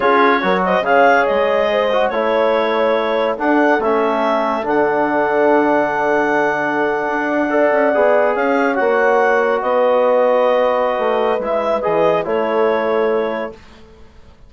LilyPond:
<<
  \new Staff \with { instrumentName = "clarinet" } { \time 4/4 \tempo 4 = 142 cis''4. dis''8 f''4 dis''4~ | dis''4 cis''2. | fis''4 e''2 fis''4~ | fis''1~ |
fis''2.~ fis''8. f''16~ | f''8. fis''2 dis''4~ dis''16~ | dis''2. e''4 | dis''4 cis''2. | }
  \new Staff \with { instrumentName = "horn" } { \time 4/4 gis'4 ais'8 c''8 cis''2 | c''4 cis''2. | a'1~ | a'1~ |
a'4.~ a'16 d''2 cis''16~ | cis''2~ cis''8. b'4~ b'16~ | b'1~ | b'4 a'2. | }
  \new Staff \with { instrumentName = "trombone" } { \time 4/4 f'4 fis'4 gis'2~ | gis'8 fis'8 e'2. | d'4 cis'2 d'4~ | d'1~ |
d'4.~ d'16 a'4 gis'4~ gis'16~ | gis'8. fis'2.~ fis'16~ | fis'2. e'4 | gis'4 e'2. | }
  \new Staff \with { instrumentName = "bassoon" } { \time 4/4 cis'4 fis4 cis4 gis4~ | gis4 a2. | d'4 a2 d4~ | d1~ |
d8. d'4. cis'8 b4 cis'16~ | cis'8. ais2 b4~ b16~ | b2 a4 gis4 | e4 a2. | }
>>